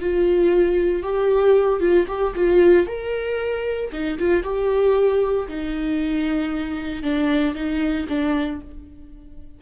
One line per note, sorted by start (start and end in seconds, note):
0.00 1.02 F4
1.02 1.80 G4
1.80 2.06 F4
2.08 2.34 G4
2.35 2.86 F4
2.86 3.91 A#4
3.92 4.18 D#4
4.18 4.43 F4
4.43 5.47 G4
5.48 7.02 D#4
7.02 7.54 D4
7.54 8.07 D#4
8.08 8.60 D4